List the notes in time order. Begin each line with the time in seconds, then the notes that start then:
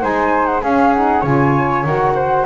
0.00 G#3 D#4 C5 G#5
0.45 F#5
0.61 C#4 G#4 F5
0.93 D#4 F#5
1.21 C#3 F4 C#5 G#5
1.84 D#3 F#4 F#5
2.15 C5